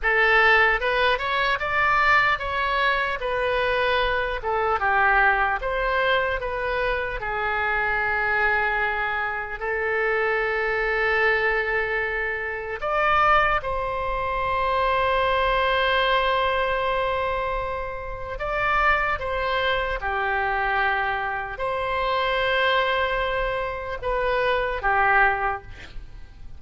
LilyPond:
\new Staff \with { instrumentName = "oboe" } { \time 4/4 \tempo 4 = 75 a'4 b'8 cis''8 d''4 cis''4 | b'4. a'8 g'4 c''4 | b'4 gis'2. | a'1 |
d''4 c''2.~ | c''2. d''4 | c''4 g'2 c''4~ | c''2 b'4 g'4 | }